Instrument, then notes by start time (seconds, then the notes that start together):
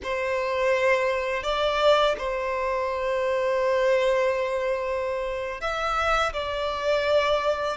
violin
0.03 C5
1.43 D5
2.18 C5
5.60 E5
6.33 D5